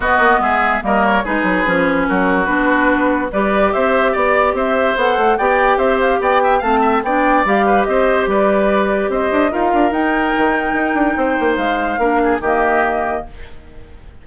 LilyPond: <<
  \new Staff \with { instrumentName = "flute" } { \time 4/4 \tempo 4 = 145 dis''4 e''4 dis''8 cis''8 b'4~ | b'4 ais'4 b'2 | d''4 e''4 d''4 e''4 | fis''4 g''4 e''8 f''8 g''4 |
a''4 g''4 f''4 dis''4 | d''2 dis''4 f''4 | g''1 | f''2 dis''2 | }
  \new Staff \with { instrumentName = "oboe" } { \time 4/4 fis'4 gis'4 ais'4 gis'4~ | gis'4 fis'2. | b'4 c''4 d''4 c''4~ | c''4 d''4 c''4 d''8 e''8 |
f''8 e''8 d''4. b'8 c''4 | b'2 c''4 ais'4~ | ais'2. c''4~ | c''4 ais'8 gis'8 g'2 | }
  \new Staff \with { instrumentName = "clarinet" } { \time 4/4 b2 ais4 dis'4 | cis'2 d'2 | g'1 | a'4 g'2. |
c'4 d'4 g'2~ | g'2. f'4 | dis'1~ | dis'4 d'4 ais2 | }
  \new Staff \with { instrumentName = "bassoon" } { \time 4/4 b8 ais8 gis4 g4 gis8 fis8 | f4 fis4 b2 | g4 c'4 b4 c'4 | b8 a8 b4 c'4 b4 |
a4 b4 g4 c'4 | g2 c'8 d'8 dis'8 d'8 | dis'4 dis4 dis'8 d'8 c'8 ais8 | gis4 ais4 dis2 | }
>>